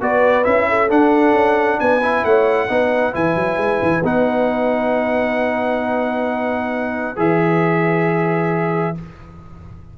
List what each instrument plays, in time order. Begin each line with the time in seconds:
0.00 tuba B3, trombone F#4, horn B4, trumpet D5
0.43 tuba C#4, trombone E4, trumpet E5
0.69 horn A4
0.88 trombone D4, tuba D4, trumpet F#5
1.33 tuba C#4
1.79 tuba B3, horn B4, trumpet G#5
2.02 trombone E4
2.24 tuba A3, horn C#5, trumpet F#5
2.68 tuba B3, trombone D#4, horn B4
3.12 tuba E3, trombone E4, trumpet G#5
3.35 tuba F#3
3.57 tuba G#3
3.82 tuba E3
4.04 tuba B3, trombone D#4, trumpet F#5
7.15 tuba E3, trombone G#4, trumpet E5